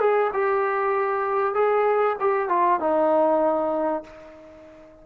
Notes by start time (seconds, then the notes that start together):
0.00 G#4
0.33 G4
1.54 G#4
2.20 G4
2.49 F4
2.80 D#4